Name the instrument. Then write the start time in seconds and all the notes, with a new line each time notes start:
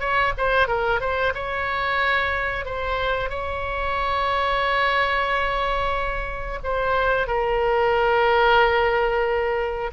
oboe
0.00 C#5
0.38 C5
0.68 A#4
1.01 C5
1.35 C#5
2.66 C5
3.30 C#5
6.64 C5
7.27 A#4